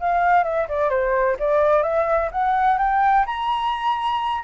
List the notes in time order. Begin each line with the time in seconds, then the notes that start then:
0.00 F5
0.43 E5
0.68 D5
0.89 C5
1.39 D5
1.83 E5
2.31 F#5
2.78 G5
3.26 A#5